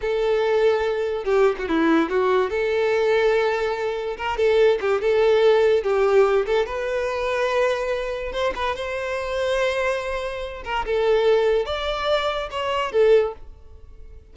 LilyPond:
\new Staff \with { instrumentName = "violin" } { \time 4/4 \tempo 4 = 144 a'2. g'8. fis'16 | e'4 fis'4 a'2~ | a'2 ais'8 a'4 g'8 | a'2 g'4. a'8 |
b'1 | c''8 b'8 c''2.~ | c''4. ais'8 a'2 | d''2 cis''4 a'4 | }